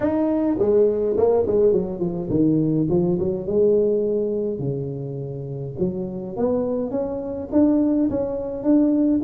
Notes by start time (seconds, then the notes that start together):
0.00 D#4
0.58 G#3
1.17 A#3
1.46 G#3
1.72 F#3
1.99 F3
2.29 D#3
2.89 F3
3.19 F#3
3.46 G#3
4.59 C#3
5.78 F#3
6.36 B3
6.90 C#4
7.52 D4
8.10 C#4
8.63 D4